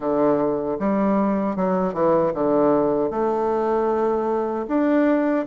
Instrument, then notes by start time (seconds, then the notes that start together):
bassoon
0.00 D3
0.79 G3
1.55 F#3
1.93 E3
2.34 D3
3.10 A3
4.68 D4